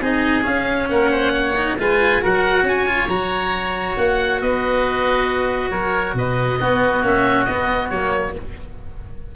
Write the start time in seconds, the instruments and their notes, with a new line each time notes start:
0.00 tuba C4, cello D#4, oboe G#4 D#5
0.42 cello C#4, tuba C#4, oboe F5
0.89 tuba A#3, oboe A#4 F#5
1.10 oboe C5
1.33 oboe C#5
1.56 cello D#4
1.78 tuba G#3, cello F4, oboe B4 G#5
2.21 tuba F#3, cello F#4, oboe A#4 F#5
2.62 tuba C#4, oboe C#5 G#5
2.86 cello F4
3.07 tuba F#3, cello F#4, oboe A#5
3.97 tuba A#3, oboe F#5
4.41 tuba B3, oboe B4 D#5
5.70 tuba F#3, oboe A#4 C#5
6.13 tuba B2, oboe B4 D#5
6.59 tuba B3, cello B3, oboe F#4
7.03 tuba A#3, cello C#4, oboe E5
7.45 tuba B3, cello B3, oboe D#5
7.89 tuba F#3, cello A#3, oboe C#5